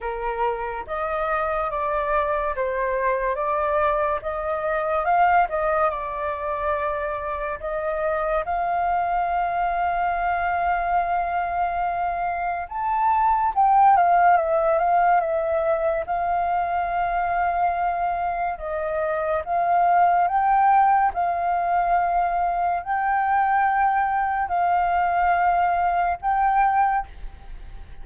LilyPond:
\new Staff \with { instrumentName = "flute" } { \time 4/4 \tempo 4 = 71 ais'4 dis''4 d''4 c''4 | d''4 dis''4 f''8 dis''8 d''4~ | d''4 dis''4 f''2~ | f''2. a''4 |
g''8 f''8 e''8 f''8 e''4 f''4~ | f''2 dis''4 f''4 | g''4 f''2 g''4~ | g''4 f''2 g''4 | }